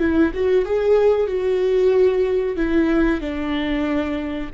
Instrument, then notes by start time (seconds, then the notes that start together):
viola
0.00 E4
0.34 F#4
0.65 G#4
1.28 F#4
2.57 E4
3.21 D4